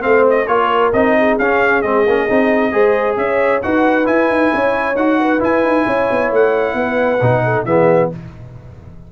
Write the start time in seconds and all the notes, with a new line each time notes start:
0.00 A3 C4 C5 F5
0.29 D#5
0.47 A#3 F4 A#4 C#5
0.93 C4 D#4 D#5
1.17 G#4
1.38 C#4 F5
1.82 G#3 C4 D#5
2.06 A#3 C#4
2.29 C4 D#4
2.72 G#3 G#4 C5
3.17 C#4 C#5 E5
3.62 D#4 F#4 B4 F#5
4.05 E4 G#5
4.29 D#4
4.53 C#4 C#5
4.95 D#4 F#4 F#5
5.19 B4
5.39 E4 G#5
5.63 D#4
5.85 C#4 C#5
6.10 B3
6.31 A3 F#5
6.74 B3 B4
7.21 B2 D#4
7.43 A4
7.65 E3 B3 G#4 E5